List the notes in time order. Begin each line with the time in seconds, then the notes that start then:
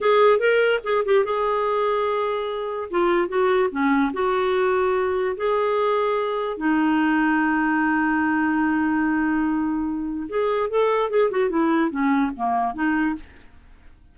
0.00 G#4
0.39 A#4
0.83 G#4
1.05 G4
1.24 G#4
2.90 F4
3.28 F#4
3.70 C#4
4.13 F#4
5.36 G#4
6.57 D#4
10.29 G#4
10.69 A4
11.10 G#4
11.30 F#4
11.49 E4
11.90 C#4
12.36 A#3
12.74 D#4